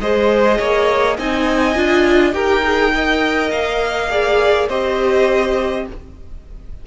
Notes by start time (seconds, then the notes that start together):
0.00 G#3 G#4 C5 D#5
0.58 A#3 C#5
1.18 C4 D#4 D#5 G#5
1.75 D4 F4
2.33 D#4 G4 A#4 G5
2.63 G#4
2.93 A#4 D#5
3.51 A#3 F5
4.10 G#4 D5
4.69 C4 G4 C5 D#5